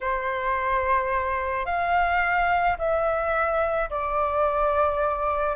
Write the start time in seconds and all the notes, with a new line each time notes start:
0.00 C5
1.65 F5
2.78 E5
3.90 D5